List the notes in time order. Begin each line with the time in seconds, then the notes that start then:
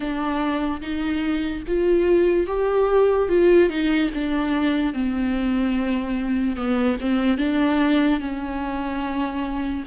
0.00 D4
0.81 D#4
1.67 F4
2.47 G4
3.29 F4
3.69 D#4
4.14 D4
4.93 C4
6.56 B3
7.00 C4
7.37 D4
8.20 C#4